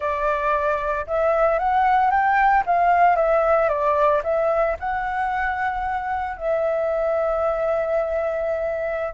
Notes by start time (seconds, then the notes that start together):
0.00 D5
1.06 E5
1.58 F#5
2.10 G5
2.66 F5
3.15 E5
3.69 D5
4.23 E5
4.79 F#5
6.37 E5